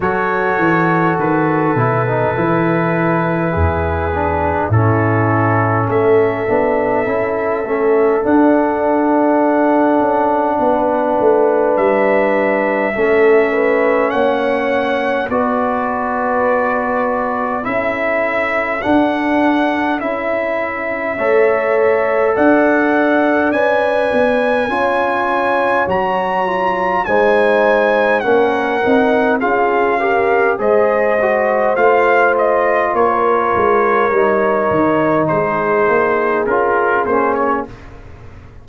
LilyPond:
<<
  \new Staff \with { instrumentName = "trumpet" } { \time 4/4 \tempo 4 = 51 cis''4 b'2. | a'4 e''2 fis''4~ | fis''2 e''2 | fis''4 d''2 e''4 |
fis''4 e''2 fis''4 | gis''2 ais''4 gis''4 | fis''4 f''4 dis''4 f''8 dis''8 | cis''2 c''4 ais'8 c''16 cis''16 | }
  \new Staff \with { instrumentName = "horn" } { \time 4/4 a'2. gis'4 | e'4 a'2.~ | a'4 b'2 a'8 b'8 | cis''4 b'2 a'4~ |
a'2 cis''4 d''4~ | d''4 cis''2 c''4 | ais'4 gis'8 ais'8 c''2 | ais'2 gis'2 | }
  \new Staff \with { instrumentName = "trombone" } { \time 4/4 fis'4. e'16 dis'16 e'4. d'8 | cis'4. d'8 e'8 cis'8 d'4~ | d'2. cis'4~ | cis'4 fis'2 e'4 |
d'4 e'4 a'2 | b'4 f'4 fis'8 f'8 dis'4 | cis'8 dis'8 f'8 g'8 gis'8 fis'8 f'4~ | f'4 dis'2 f'8 cis'8 | }
  \new Staff \with { instrumentName = "tuba" } { \time 4/4 fis8 e8 dis8 b,8 e4 e,4 | a,4 a8 b8 cis'8 a8 d'4~ | d'8 cis'8 b8 a8 g4 a4 | ais4 b2 cis'4 |
d'4 cis'4 a4 d'4 | cis'8 b8 cis'4 fis4 gis4 | ais8 c'8 cis'4 gis4 a4 | ais8 gis8 g8 dis8 gis8 ais8 cis'8 ais8 | }
>>